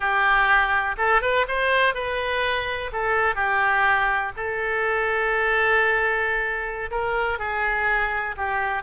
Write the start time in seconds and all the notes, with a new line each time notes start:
0.00 G4
0.97 A4
1.21 B4
1.48 C5
1.94 B4
2.92 A4
3.35 G4
4.36 A4
6.91 A#4
7.39 G#4
8.36 G4